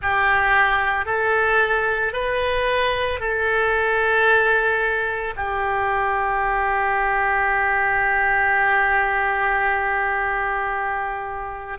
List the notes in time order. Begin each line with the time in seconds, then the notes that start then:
0.02 G4
1.05 A4
2.12 B4
3.19 A4
5.36 G4